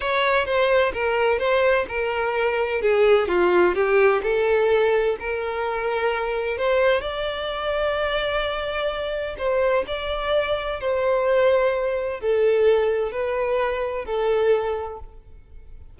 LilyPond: \new Staff \with { instrumentName = "violin" } { \time 4/4 \tempo 4 = 128 cis''4 c''4 ais'4 c''4 | ais'2 gis'4 f'4 | g'4 a'2 ais'4~ | ais'2 c''4 d''4~ |
d''1 | c''4 d''2 c''4~ | c''2 a'2 | b'2 a'2 | }